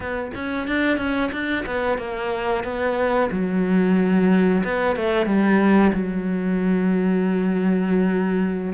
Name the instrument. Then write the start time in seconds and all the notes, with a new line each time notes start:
cello
0.00 B3
0.34 C#4
0.67 D4
0.97 C#4
1.32 D4
1.66 B3
1.98 A#3
2.63 B3
3.31 F#3
4.64 B3
4.95 A3
5.25 G3
5.93 F#3